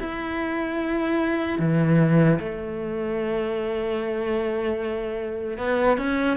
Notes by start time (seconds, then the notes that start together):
0.00 E4
1.59 E3
2.40 A3
5.58 B3
5.98 C#4